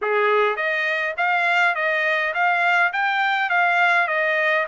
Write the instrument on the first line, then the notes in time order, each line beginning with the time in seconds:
trumpet
0.01 G#4
0.56 D#5
1.17 F5
1.75 D#5
2.34 F5
2.93 G5
3.49 F5
4.07 D#5